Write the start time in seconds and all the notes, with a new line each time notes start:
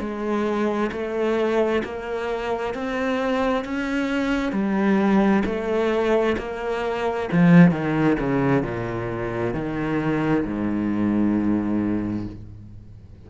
0.00 G#3
0.92 A3
1.84 A#3
2.75 C4
3.65 C#4
4.52 G3
5.46 A3
6.38 A#3
7.33 F3
7.71 D#3
8.20 C#3
8.63 A#2
9.54 D#3
10.45 G#2